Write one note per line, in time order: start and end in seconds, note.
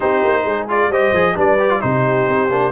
0.00 0.23 C4
0.00 0.68 D#4
0.00 0.43 G4
0.00 0.67 C5
0.23 0.45 A#3
0.44 0.89 G#3
0.44 0.89 G#4
0.68 0.91 F4
0.68 0.92 D5
0.89 1.11 G3
0.89 1.15 G4
0.89 1.35 C5
0.89 1.37 D#5
1.12 1.35 F3
1.12 1.35 G#4
1.35 1.82 G3
1.35 1.58 D4
1.35 1.81 B4
1.35 1.81 D5
1.59 1.70 G4
1.70 1.80 F4
1.80 2.28 C3
1.80 2.49 D#4
1.80 2.72 G4
1.80 2.72 C5
2.28 2.50 C4
2.49 2.72 A#3
2.49 2.72 D4